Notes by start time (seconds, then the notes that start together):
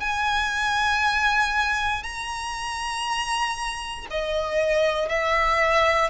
0.00 G#5
2.03 A#5
4.10 D#5
5.08 E5